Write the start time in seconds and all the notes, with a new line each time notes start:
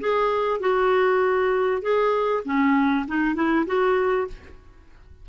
0.00 G#4
0.60 F#4
1.81 G#4
2.44 C#4
3.07 D#4
3.35 E4
3.66 F#4